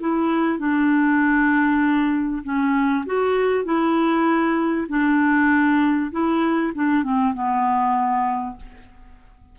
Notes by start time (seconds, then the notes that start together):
0.00 E4
0.59 D4
2.44 C#4
3.06 F#4
3.65 E4
4.89 D4
6.12 E4
6.75 D4
7.04 C4
7.34 B3